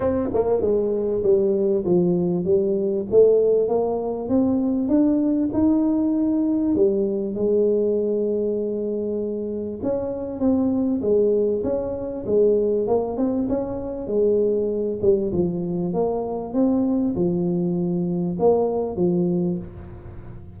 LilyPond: \new Staff \with { instrumentName = "tuba" } { \time 4/4 \tempo 4 = 98 c'8 ais8 gis4 g4 f4 | g4 a4 ais4 c'4 | d'4 dis'2 g4 | gis1 |
cis'4 c'4 gis4 cis'4 | gis4 ais8 c'8 cis'4 gis4~ | gis8 g8 f4 ais4 c'4 | f2 ais4 f4 | }